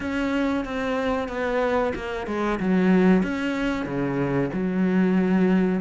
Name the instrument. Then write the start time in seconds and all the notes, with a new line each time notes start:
cello
0.00 C#4
0.65 C4
1.28 B3
1.95 A#3
2.26 G#3
2.59 F#3
3.23 C#4
3.85 C#3
4.53 F#3